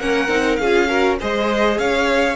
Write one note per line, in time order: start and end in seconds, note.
0.00 0.29 A#3
0.00 0.29 C#4
0.00 0.60 A#4
0.00 0.57 F#5
0.29 0.58 C4
0.29 0.59 D#4
0.57 1.20 C#4
0.57 0.89 G#4
0.57 1.16 F5
0.63 0.89 F4
0.89 1.19 F#4
0.89 1.19 A#4
1.20 1.78 G#3
1.20 2.36 G#4
1.20 1.79 C5
1.20 1.79 D#5
1.78 2.36 C#4
1.78 2.36 C#5
1.78 2.36 F5